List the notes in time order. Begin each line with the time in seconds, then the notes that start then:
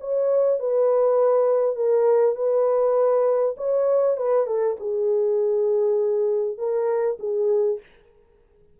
0.00 C#5
0.59 B4
1.76 A#4
2.35 B4
3.57 C#5
4.17 B4
4.46 A4
4.79 G#4
6.58 A#4
7.19 G#4